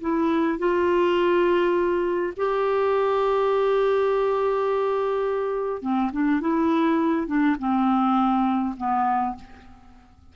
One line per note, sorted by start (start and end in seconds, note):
0.00 0.58 E4
0.58 2.33 F4
2.36 5.81 G4
5.81 6.11 C4
6.12 6.40 D4
6.40 7.27 E4
7.27 7.56 D4
7.59 8.75 C4
8.77 9.35 B3